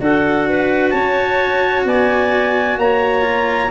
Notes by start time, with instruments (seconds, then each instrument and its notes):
0.00 tuba D4, cello F#4, clarinet A4, trumpet F#5
0.49 clarinet B4
0.91 tuba C#4, clarinet C#5, trumpet A5
1.85 tuba B3, clarinet D5, trumpet G#5
2.77 tuba A#3, clarinet C#5, trumpet A#5
3.22 cello F4